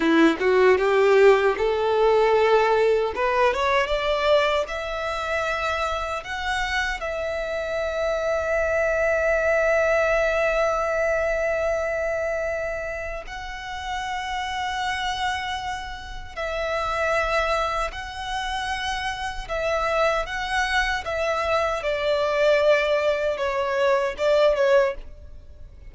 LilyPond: \new Staff \with { instrumentName = "violin" } { \time 4/4 \tempo 4 = 77 e'8 fis'8 g'4 a'2 | b'8 cis''8 d''4 e''2 | fis''4 e''2.~ | e''1~ |
e''4 fis''2.~ | fis''4 e''2 fis''4~ | fis''4 e''4 fis''4 e''4 | d''2 cis''4 d''8 cis''8 | }